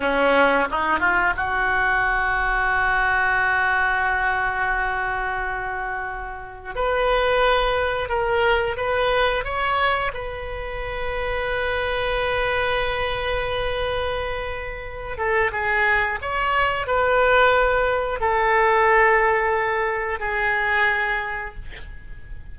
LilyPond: \new Staff \with { instrumentName = "oboe" } { \time 4/4 \tempo 4 = 89 cis'4 dis'8 f'8 fis'2~ | fis'1~ | fis'2 b'2 | ais'4 b'4 cis''4 b'4~ |
b'1~ | b'2~ b'8 a'8 gis'4 | cis''4 b'2 a'4~ | a'2 gis'2 | }